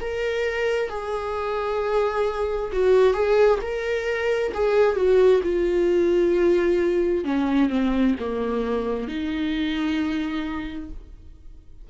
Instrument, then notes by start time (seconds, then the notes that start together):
viola
0.00 A#4
0.89 G#4
2.72 F#4
3.14 G#4
3.61 A#4
4.54 G#4
4.96 F#4
5.43 F4
7.24 C#4
7.69 C4
8.19 A#3
9.07 D#4